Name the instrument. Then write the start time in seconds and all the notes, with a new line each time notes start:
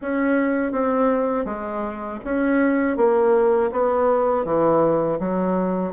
bassoon
0.01 C#4
0.72 C4
1.45 G#3
2.24 C#4
2.96 A#3
3.71 B3
4.44 E3
5.19 F#3